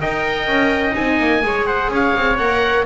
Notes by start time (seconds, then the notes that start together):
0.00 D#4 A#4 D#5 G5
0.47 C#4
0.92 C4 D#4 G#5
1.19 A#3
1.42 G#3 G#4 C#5
1.65 C5 F#5
1.88 C#4 C#5 F5
2.16 C4
2.37 A#3 A#4 F#5